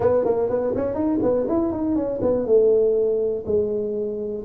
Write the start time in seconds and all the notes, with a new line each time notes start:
0.00 B3
0.25 A#3
0.49 B3
0.75 C#4
0.94 D#4
1.22 B3
1.48 E4
1.71 D#4
1.95 C#4
2.21 B3
2.45 A3
3.46 G#3